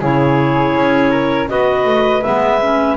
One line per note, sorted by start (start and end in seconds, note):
0.00 0.75 C#3
0.00 1.48 E4
0.00 1.11 G#4
0.00 1.49 C#5
0.75 1.50 C#4
1.11 1.48 A#4
1.48 1.85 B3
1.48 2.22 F#4
1.48 2.97 B4
1.48 2.22 D#5
1.85 2.22 A3
2.22 2.97 G#3
2.22 2.60 B3
2.22 2.96 E5
2.62 2.97 C#4